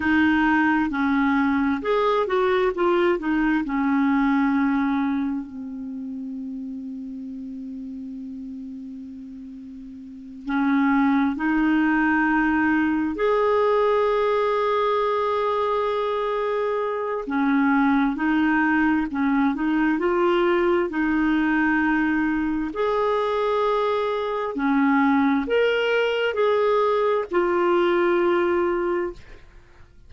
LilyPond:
\new Staff \with { instrumentName = "clarinet" } { \time 4/4 \tempo 4 = 66 dis'4 cis'4 gis'8 fis'8 f'8 dis'8 | cis'2 c'2~ | c'2.~ c'8 cis'8~ | cis'8 dis'2 gis'4.~ |
gis'2. cis'4 | dis'4 cis'8 dis'8 f'4 dis'4~ | dis'4 gis'2 cis'4 | ais'4 gis'4 f'2 | }